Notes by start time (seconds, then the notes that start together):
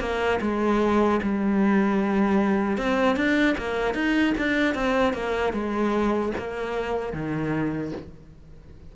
0.00 A#3
0.41 G#3
1.23 G3
2.78 C4
3.16 D4
3.58 A#3
3.95 D#4
4.38 D4
4.75 C4
5.14 A#3
5.53 G#3
6.38 A#3
7.13 D#3